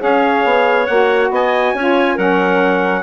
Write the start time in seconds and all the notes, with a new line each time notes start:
0.00 C#4 G#4 C#5 F5
0.45 B3
0.87 A#3 F#4 F#5
1.30 B3 D#5 G#5
1.75 C#4 F4 C#5
2.16 F#3 C#4 A#4 F#5